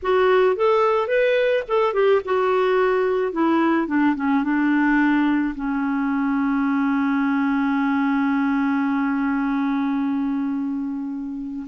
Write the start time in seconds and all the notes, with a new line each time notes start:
0.02 F#4
0.56 A4
1.07 B4
1.68 A4
1.93 G4
2.24 F#4
3.32 E4
3.87 D4
4.15 C#4
4.43 D4
5.55 C#4